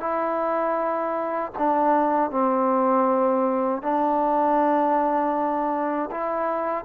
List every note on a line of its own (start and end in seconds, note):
0.00 1.52 E4
1.58 2.30 D4
2.30 3.82 C4
3.82 6.10 D4
6.11 6.85 E4